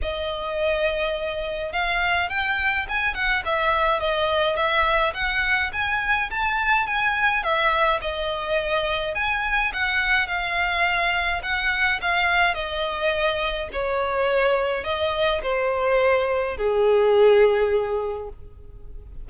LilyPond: \new Staff \with { instrumentName = "violin" } { \time 4/4 \tempo 4 = 105 dis''2. f''4 | g''4 gis''8 fis''8 e''4 dis''4 | e''4 fis''4 gis''4 a''4 | gis''4 e''4 dis''2 |
gis''4 fis''4 f''2 | fis''4 f''4 dis''2 | cis''2 dis''4 c''4~ | c''4 gis'2. | }